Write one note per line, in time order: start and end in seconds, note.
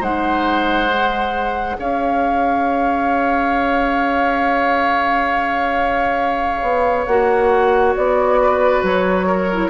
0.00 1.77 G#3
0.00 0.89 D#4
0.00 1.76 C5
0.00 1.79 F#5
0.89 7.07 G#4
1.78 6.62 C#4
1.78 8.41 C#5
1.78 7.06 F5
6.62 7.06 B3
7.06 7.95 A#3
7.06 9.51 F#4
7.06 7.94 F#5
7.96 8.83 B3
7.96 8.84 D5
8.42 9.26 B4
8.83 9.70 F#3
8.83 9.70 C#5
9.26 9.70 A#4
9.53 9.70 E4